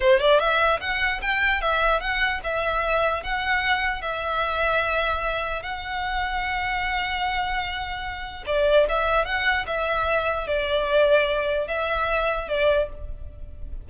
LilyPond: \new Staff \with { instrumentName = "violin" } { \time 4/4 \tempo 4 = 149 c''8 d''8 e''4 fis''4 g''4 | e''4 fis''4 e''2 | fis''2 e''2~ | e''2 fis''2~ |
fis''1~ | fis''4 d''4 e''4 fis''4 | e''2 d''2~ | d''4 e''2 d''4 | }